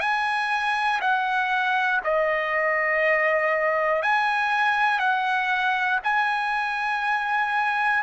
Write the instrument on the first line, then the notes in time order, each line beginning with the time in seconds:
trumpet
0.00 G#5
1.00 F#5
2.04 D#5
4.02 G#5
4.99 F#5
6.04 G#5